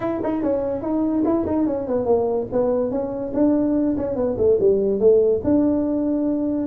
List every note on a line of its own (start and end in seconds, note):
0.00 0.20 E4
0.23 0.42 D#4
0.42 0.81 C#4
0.81 1.23 D#4
1.24 1.45 E4
1.46 1.66 D#4
1.66 1.87 C#4
1.87 2.05 B3
2.05 2.46 A#3
2.52 2.91 B3
2.91 3.32 C#4
3.33 3.96 D4
3.97 4.15 C#4
4.15 4.36 B3
4.37 4.58 A3
4.60 4.99 G3
4.99 5.41 A3
5.44 6.67 D4